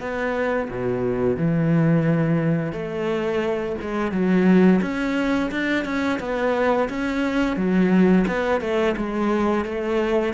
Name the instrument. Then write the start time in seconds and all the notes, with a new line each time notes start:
cello
0.00 B3
0.70 B2
1.37 E3
2.73 A3
3.82 G#3
4.12 F#3
4.82 C#4
5.52 D4
5.85 C#4
6.20 B3
6.90 C#4
7.57 F#3
8.28 B3
8.61 A3
8.97 G#3
9.65 A3